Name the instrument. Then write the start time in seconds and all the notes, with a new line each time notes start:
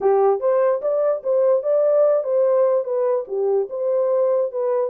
horn
0.00 G4
0.40 C5
0.81 D5
1.23 C5
1.62 D5
2.23 C5
2.84 B4
3.27 G4
3.69 C5
4.51 B4